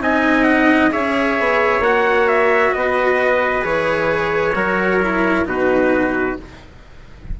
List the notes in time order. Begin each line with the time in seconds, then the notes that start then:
0.00 C4 D#4 D#5 G#5
0.44 F#5
0.91 C#4 G#4 C#5 E5
1.39 B3
1.80 A#3 F#4 F#5
2.28 E5
2.74 B3 B4 D#5
3.62 E3 G#4 C#5
4.54 F#3 F#4 A#4
5.02 E4
5.45 B2 D#4 F#4 B4